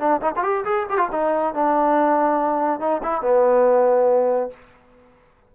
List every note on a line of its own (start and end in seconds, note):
0.00 0.21 D4
0.22 0.33 D#4
0.37 0.44 F4
0.44 0.65 G4
0.65 0.87 G#4
0.90 0.98 G4
0.98 1.09 F4
1.12 1.55 D#4
1.55 2.80 D4
2.80 3.02 D#4
3.03 3.22 E4
3.22 4.51 B3